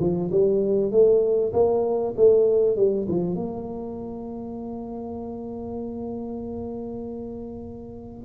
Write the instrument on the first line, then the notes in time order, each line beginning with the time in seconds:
tuba
0.00 F3
0.32 G3
0.92 A3
1.53 A#3
2.17 A3
2.77 G3
3.09 F3
3.35 A#3